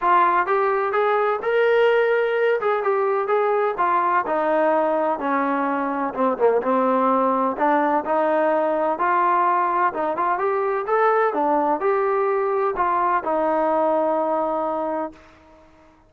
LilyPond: \new Staff \with { instrumentName = "trombone" } { \time 4/4 \tempo 4 = 127 f'4 g'4 gis'4 ais'4~ | ais'4. gis'8 g'4 gis'4 | f'4 dis'2 cis'4~ | cis'4 c'8 ais8 c'2 |
d'4 dis'2 f'4~ | f'4 dis'8 f'8 g'4 a'4 | d'4 g'2 f'4 | dis'1 | }